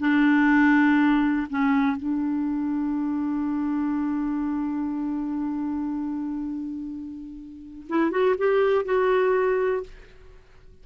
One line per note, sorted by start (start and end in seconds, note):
0.00 1.48 D4
1.50 1.97 C#4
1.97 7.88 D4
7.89 8.11 E4
8.11 8.36 F#4
8.38 8.85 G4
8.85 9.84 F#4